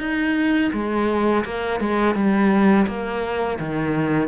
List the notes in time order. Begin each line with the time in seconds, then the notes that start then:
0.00 D#4
0.74 G#3
1.46 A#3
1.81 G#3
2.16 G3
2.88 A#3
3.60 D#3